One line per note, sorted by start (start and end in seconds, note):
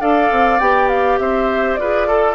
0.00 0.30 D4
0.00 0.59 A4
0.00 1.19 D5
0.00 0.59 F5
0.31 0.60 C4
0.59 1.19 B3
0.59 1.79 G4
0.59 0.88 G5
0.88 1.18 F5
1.19 1.78 C4
1.19 1.80 C5
1.19 1.75 E5
1.75 2.35 F4
1.75 2.09 G#4
1.75 2.07 B4
1.75 2.34 D5
2.07 2.35 A4